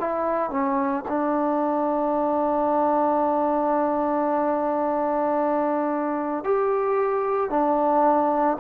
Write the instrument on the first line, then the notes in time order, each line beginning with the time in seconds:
trombone
0.00 E4
0.51 C#4
1.09 D4
6.44 G4
7.50 D4